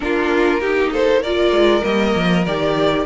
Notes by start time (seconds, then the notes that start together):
0.00 A#3 D4 F4 A#4
0.60 D#4 G4
0.92 A4 C5
1.21 F4 A#4 D5
1.51 G#3
1.82 G3 A#3 D#5
2.15 F3
2.45 D#3 G4 D5